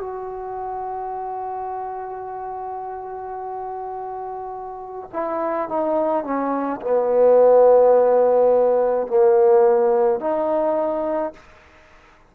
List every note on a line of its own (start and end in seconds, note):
0.00 5.09 F#4
5.13 5.69 E4
5.69 6.24 D#4
6.24 6.80 C#4
6.81 9.07 B3
9.07 10.20 A#3
10.20 11.33 D#4